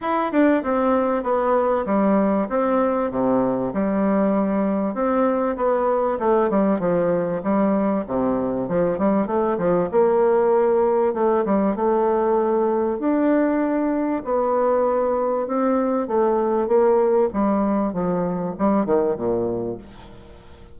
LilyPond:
\new Staff \with { instrumentName = "bassoon" } { \time 4/4 \tempo 4 = 97 e'8 d'8 c'4 b4 g4 | c'4 c4 g2 | c'4 b4 a8 g8 f4 | g4 c4 f8 g8 a8 f8 |
ais2 a8 g8 a4~ | a4 d'2 b4~ | b4 c'4 a4 ais4 | g4 f4 g8 dis8 ais,4 | }